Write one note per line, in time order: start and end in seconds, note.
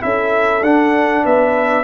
0.00 0.62 C#4
0.00 0.61 E4
0.00 1.24 A4
0.00 0.64 E5
0.62 1.23 D4
0.62 1.84 D4
0.62 1.25 F#5
1.24 1.84 B3
1.24 1.84 B4
1.24 1.84 E5